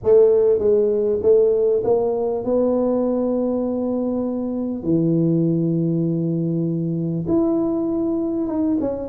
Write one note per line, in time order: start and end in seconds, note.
0.03 0.58 A3
0.58 1.19 G#3
1.22 1.83 A3
1.84 2.44 A#3
2.44 4.83 B3
4.83 7.25 E3
7.27 8.46 E4
8.46 8.77 D#4
8.80 9.08 C#4